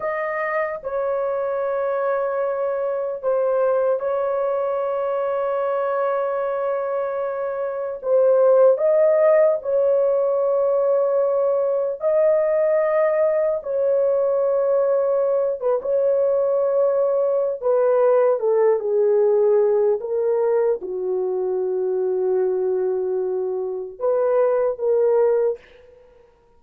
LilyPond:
\new Staff \with { instrumentName = "horn" } { \time 4/4 \tempo 4 = 75 dis''4 cis''2. | c''4 cis''2.~ | cis''2 c''4 dis''4 | cis''2. dis''4~ |
dis''4 cis''2~ cis''8 b'16 cis''16~ | cis''2 b'4 a'8 gis'8~ | gis'4 ais'4 fis'2~ | fis'2 b'4 ais'4 | }